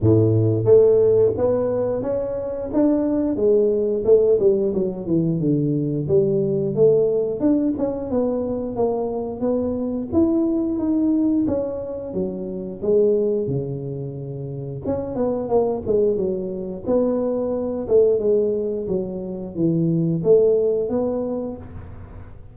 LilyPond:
\new Staff \with { instrumentName = "tuba" } { \time 4/4 \tempo 4 = 89 a,4 a4 b4 cis'4 | d'4 gis4 a8 g8 fis8 e8 | d4 g4 a4 d'8 cis'8 | b4 ais4 b4 e'4 |
dis'4 cis'4 fis4 gis4 | cis2 cis'8 b8 ais8 gis8 | fis4 b4. a8 gis4 | fis4 e4 a4 b4 | }